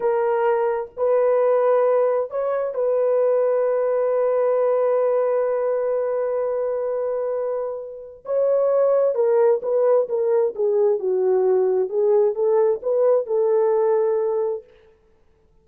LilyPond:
\new Staff \with { instrumentName = "horn" } { \time 4/4 \tempo 4 = 131 ais'2 b'2~ | b'4 cis''4 b'2~ | b'1~ | b'1~ |
b'2 cis''2 | ais'4 b'4 ais'4 gis'4 | fis'2 gis'4 a'4 | b'4 a'2. | }